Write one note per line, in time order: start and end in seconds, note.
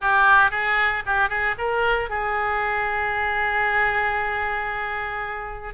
0.01 0.51 G4
0.51 1.03 G#4
1.06 1.29 G4
1.29 1.55 G#4
1.58 2.09 A#4
2.09 5.74 G#4